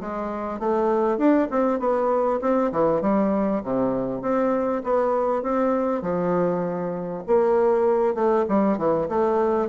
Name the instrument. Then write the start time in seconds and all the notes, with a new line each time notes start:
bassoon
0.00 G#3
0.59 A3
1.17 D4
1.50 C4
1.79 B3
2.41 C4
2.71 E3
3.01 G3
3.63 C3
4.21 C4
4.83 B3
5.42 C4
6.02 F3
7.27 A#3
8.14 A3
8.48 G3
8.78 E3
9.08 A3